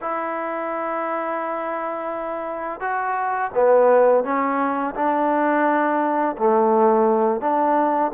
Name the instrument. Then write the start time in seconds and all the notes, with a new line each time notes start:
trombone
0.01 E4
2.80 F#4
3.54 B3
4.24 C#4
4.95 D4
6.37 A3
7.41 D4